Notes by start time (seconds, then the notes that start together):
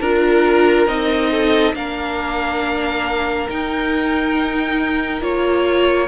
0.00 D4 F4 A#4
0.86 C4 D#4 D#5
1.31 A4
1.74 A#3 D4 A#4 F5
3.49 D#4 G5
5.21 A#3 F4 C#5